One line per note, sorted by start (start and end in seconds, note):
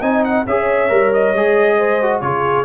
0.00 0.45 C4
0.00 0.46 D#4
0.00 0.44 D#5
0.00 0.24 G#5
0.24 0.46 F#5
0.46 0.90 C#4
0.46 0.89 G#4
0.46 1.77 C#5
0.46 1.13 E5
0.89 1.33 G3
0.89 1.33 A#4
1.13 2.21 D#5
1.33 2.21 G#3
1.33 2.02 G#4
1.77 2.21 C5
2.02 2.22 F#4
2.21 2.65 C#3
2.21 2.65 F4
2.21 2.65 G#4
2.21 2.65 C#5